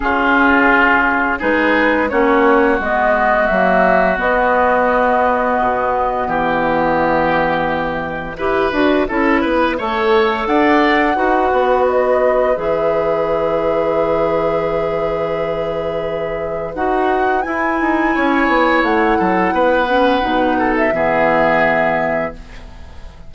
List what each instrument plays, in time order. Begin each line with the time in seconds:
0.00 bassoon C#3, clarinet C#4, oboe F4, flute G#4
1.38 bassoon G#3, clarinet D#4, oboe G#4, flute B4
2.09 bassoon A#3, clarinet C#4, oboe F#4, flute C#5
2.79 bassoon G#3, clarinet B3, flute D#5
3.47 bassoon F#3, clarinet A#3, flute E5
4.15 clarinet B3, bassoon B3, flute D#5
5.60 bassoon B2
6.27 bassoon E3, oboe G4, flute E5
8.37 bassoon E4, clarinet G4, oboe B4
8.72 bassoon D4, clarinet F#4
9.08 bassoon C#4, clarinet E4, oboe A4
9.41 bassoon B3, oboe B4
9.78 bassoon A3, clarinet A4, oboe C#5
10.45 bassoon D4, oboe D5, flute F#5
11.15 bassoon D#4, clarinet F#4, oboe B4
11.52 bassoon B3
11.88 flute D#5
12.55 bassoon E3, clarinet G#4, flute E5
16.74 bassoon D#4, clarinet F#4, flute F#5
17.42 clarinet E4, bassoon E4, flute G#5
17.80 bassoon D#4
18.14 bassoon C#4, oboe C#5
18.47 bassoon B3
18.82 bassoon A3, flute F#5
19.18 bassoon F#3, oboe A4
19.52 bassoon B3, oboe B4
19.87 clarinet C#4
20.20 bassoon B2, clarinet D#4
20.58 oboe A4
20.76 flute E5
20.92 bassoon E3, clarinet B3, oboe G#4